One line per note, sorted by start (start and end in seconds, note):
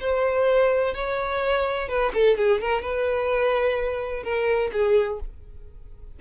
0.00 0.94 C5
0.94 1.88 C#5
1.88 2.12 B4
2.13 2.37 A4
2.37 2.61 G#4
2.61 2.82 A#4
2.82 4.23 B4
4.23 4.71 A#4
4.73 5.20 G#4